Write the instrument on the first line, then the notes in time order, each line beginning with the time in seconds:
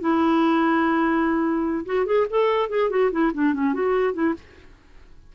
clarinet
0.00 E4
1.85 F#4
2.05 G#4
2.30 A4
2.69 G#4
2.90 F#4
3.11 E4
3.33 D4
3.53 C#4
3.73 F#4
4.13 E4